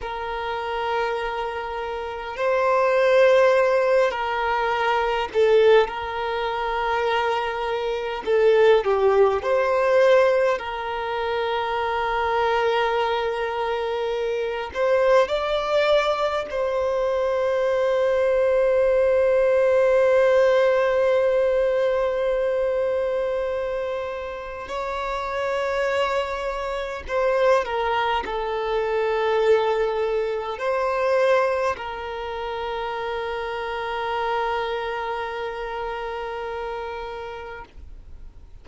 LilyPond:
\new Staff \with { instrumentName = "violin" } { \time 4/4 \tempo 4 = 51 ais'2 c''4. ais'8~ | ais'8 a'8 ais'2 a'8 g'8 | c''4 ais'2.~ | ais'8 c''8 d''4 c''2~ |
c''1~ | c''4 cis''2 c''8 ais'8 | a'2 c''4 ais'4~ | ais'1 | }